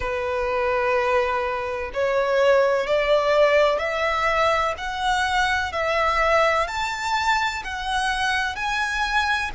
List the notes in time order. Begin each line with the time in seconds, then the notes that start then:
0.00 B4
1.93 C#5
2.87 D5
3.78 E5
4.77 F#5
5.72 E5
6.67 A5
7.64 F#5
8.55 G#5